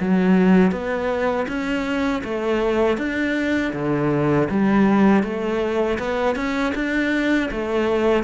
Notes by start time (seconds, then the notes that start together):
0.00 F#3
0.72 B3
1.48 C#4
2.24 A3
2.98 D4
3.74 D3
4.50 G3
5.24 A3
5.99 B3
6.36 C#4
6.75 D4
7.52 A3